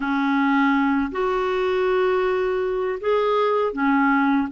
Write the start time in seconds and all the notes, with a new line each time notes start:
0.00 C#4
1.11 F#4
3.00 G#4
3.73 C#4